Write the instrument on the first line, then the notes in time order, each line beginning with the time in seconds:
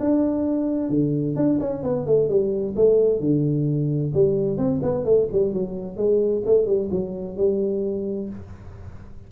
tuba
0.00 D4
0.89 D3
1.36 D4
1.60 C#4
1.83 B3
2.06 A3
2.28 G3
2.76 A3
3.20 D3
4.14 G3
4.57 C4
4.82 B3
5.05 A3
5.32 G3
5.53 F#3
5.97 G#3
6.45 A3
6.66 G3
6.91 F#3
7.37 G3